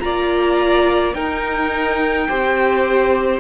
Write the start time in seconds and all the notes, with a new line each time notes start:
0.00 A#3 F4 D5 A#5
1.14 D#4 A#4 G5
2.29 C4 G4 C5